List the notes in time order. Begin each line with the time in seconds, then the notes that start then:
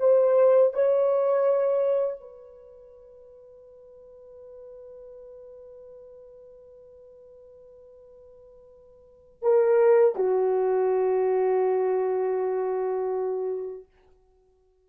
0.00 C5
0.74 C#5
2.21 B4
9.42 A#4
10.16 F#4